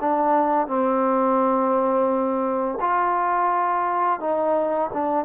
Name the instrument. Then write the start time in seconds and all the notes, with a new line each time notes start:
trombone
0.00 D4
0.67 C4
2.80 F4
4.20 D#4
4.93 D4